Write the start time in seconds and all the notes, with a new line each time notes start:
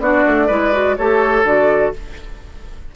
0.00 B3 D4 F#4 D5
0.27 A3
0.47 G#3 E4 B4
0.72 F#4
0.97 A3 G4 A4 C#5
1.44 D3 F#4 D5